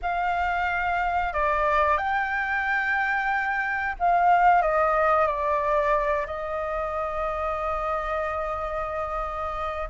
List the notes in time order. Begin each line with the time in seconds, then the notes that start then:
0.01 F5
1.33 D5
1.98 G5
3.99 F5
4.62 D#5
5.27 D5
6.26 D#5